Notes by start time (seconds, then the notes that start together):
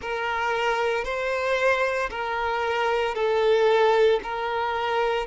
0.01 A#4
1.04 C5
2.10 A#4
3.14 A4
4.23 A#4